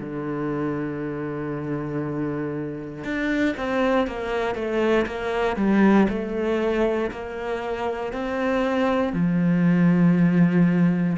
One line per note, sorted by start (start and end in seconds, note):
0.00 3.04 D3
3.04 3.55 D4
3.57 4.07 C4
4.07 4.55 A#3
4.55 5.06 A3
5.07 5.57 A#3
5.57 6.07 G3
6.09 7.11 A3
7.11 8.13 A#3
8.13 9.13 C4
9.13 11.17 F3